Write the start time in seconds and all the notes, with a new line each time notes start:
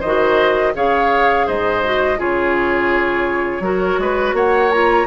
0.00 D#3 F#4 C5 D#5
0.74 C#3 G#4 C#5 F5
1.47 G#2 C5 D#5
1.84 F#4
2.18 C#3 F4 G#4 C#5
3.60 F#3 F#4 A#4
3.98 G#3 B4
4.33 A#3 C#5 F#5
4.72 F4 A#5